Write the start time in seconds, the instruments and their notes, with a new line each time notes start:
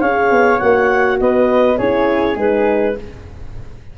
0.00 tuba C#4, horn G#4, flute C#5, clarinet F5
0.30 tuba B3
0.59 tuba A#3, horn F#4, clarinet F#5
1.20 tuba B3, flute B4, clarinet D#5
1.77 tuba C#4, horn E4, flute G#4, clarinet C#5
2.35 tuba G#3, horn D#4, clarinet B4